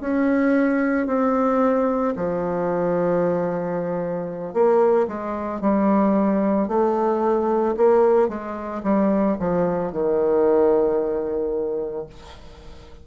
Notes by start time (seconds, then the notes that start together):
0.00 C#4
1.07 C4
2.16 F3
4.53 A#3
5.07 G#3
5.61 G3
6.68 A3
7.76 A#3
8.28 G#3
8.83 G3
9.40 F3
9.92 D#3